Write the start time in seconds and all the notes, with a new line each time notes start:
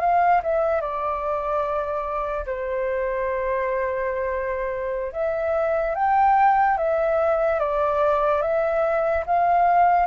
0.00 F5
0.43 E5
0.81 D5
2.46 C5
5.13 E5
5.95 G5
6.77 E5
7.59 D5
8.42 E5
9.26 F5